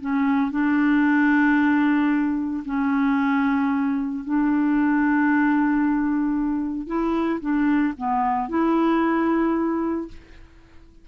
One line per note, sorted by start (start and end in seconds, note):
0.00 0.51 C#4
0.51 2.64 D4
2.65 4.24 C#4
4.24 6.86 D4
6.86 7.39 E4
7.40 7.93 D4
7.97 8.49 B3
8.49 10.08 E4